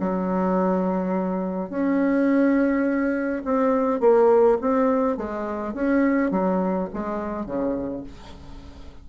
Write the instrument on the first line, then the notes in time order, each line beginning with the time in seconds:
bassoon
0.00 F#3
1.70 C#4
3.45 C4
4.00 A#3
4.61 C4
5.17 G#3
5.74 C#4
6.31 F#3
6.94 G#3
7.46 C#3